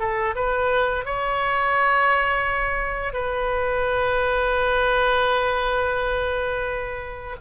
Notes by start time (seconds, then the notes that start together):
0.00 A4
0.36 B4
1.06 C#5
3.13 B4